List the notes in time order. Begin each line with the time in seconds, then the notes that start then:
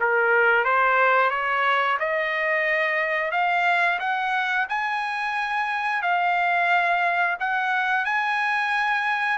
0.00 A#4
0.64 C5
1.30 C#5
1.99 D#5
3.31 F5
3.99 F#5
4.69 G#5
6.02 F5
7.39 F#5
8.05 G#5